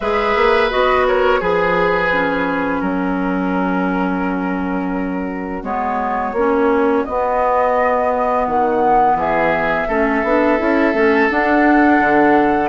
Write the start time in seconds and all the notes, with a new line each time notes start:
0.00 G#3 G#4 B4 E5
0.35 A#3
0.70 B3 F#4 D#5
1.07 A#4 C#5
1.39 F3 G#4 B4
2.12 C#4
2.80 F#3 F#4 A#4
5.63 G#3 B3 C#5
6.32 A#3 C#4
7.05 B3 D#5
8.46 D#3 F#5
9.14 E3 G#4 E5
9.88 A3 C#4 A4
10.23 B3 D4
10.58 C#4 E4
10.93 A3 C#4
11.29 D4 F#5
11.99 D3